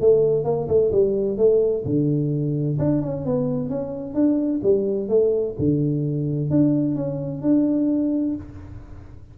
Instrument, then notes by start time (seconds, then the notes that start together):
tuba
0.00 A3
0.44 A#3
0.68 A3
0.92 G3
1.37 A3
1.85 D3
2.78 D4
3.02 C#4
3.25 B3
3.69 C#4
4.14 D4
4.63 G3
5.08 A3
5.58 D3
6.50 D4
6.95 C#4
7.42 D4